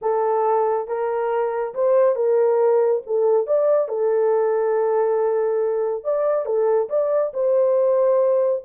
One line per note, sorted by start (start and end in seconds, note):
0.01 0.87 A4
0.87 1.74 A#4
1.74 2.15 C5
2.15 3.01 A#4
3.06 3.46 A4
3.46 3.88 D5
3.88 6.04 A4
6.04 6.45 D5
6.45 6.88 A4
6.89 7.32 D5
7.33 8.63 C5